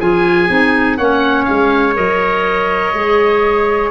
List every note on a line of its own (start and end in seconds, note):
0.00 0.49 F3
0.00 0.48 F4
0.00 0.98 G#4
0.00 0.97 G#5
0.48 0.98 C4
0.48 0.97 D#4
0.97 1.48 A#3
0.97 1.94 C#4
0.97 3.91 C#5
0.97 1.45 F#5
1.45 1.97 G#3
1.45 1.94 F5
1.94 2.94 F#3
1.94 2.93 A#4
1.94 3.91 D#5
2.94 3.91 G#3
2.94 3.91 G#4